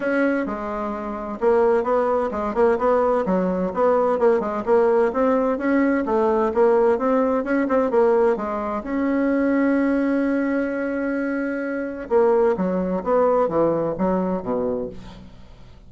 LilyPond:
\new Staff \with { instrumentName = "bassoon" } { \time 4/4 \tempo 4 = 129 cis'4 gis2 ais4 | b4 gis8 ais8 b4 fis4 | b4 ais8 gis8 ais4 c'4 | cis'4 a4 ais4 c'4 |
cis'8 c'8 ais4 gis4 cis'4~ | cis'1~ | cis'2 ais4 fis4 | b4 e4 fis4 b,4 | }